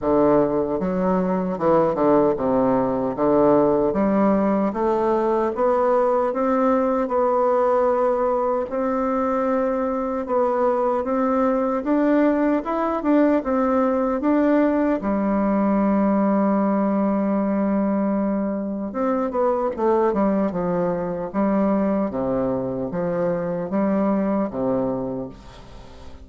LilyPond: \new Staff \with { instrumentName = "bassoon" } { \time 4/4 \tempo 4 = 76 d4 fis4 e8 d8 c4 | d4 g4 a4 b4 | c'4 b2 c'4~ | c'4 b4 c'4 d'4 |
e'8 d'8 c'4 d'4 g4~ | g1 | c'8 b8 a8 g8 f4 g4 | c4 f4 g4 c4 | }